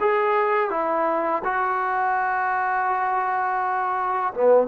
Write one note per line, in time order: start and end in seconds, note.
0.00 0.70 G#4
0.70 1.42 E4
1.44 4.33 F#4
4.34 4.67 B3